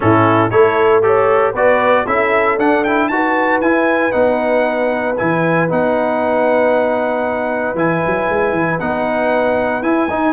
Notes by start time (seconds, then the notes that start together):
0.00 A2 C#4 E4 A4
0.50 A3 E4 A4 C#5
1.02 G4 A4 C#5
1.51 B3 F#4 B4 D5
2.05 C#4 E4 A4 E5
2.58 D4 F#5
2.84 E4 G5
3.08 D#4 F#4 B4 A5
3.61 E4 G#5
4.11 B3 D#4 F#5
5.16 E3 E4 G#5
5.69 B3 D#4 F#5
7.74 E3 E4 G#5
8.06 F#3
8.28 G#3
8.52 E3
8.79 B3 D#4 F#5
9.82 E4 G#5
10.09 D#4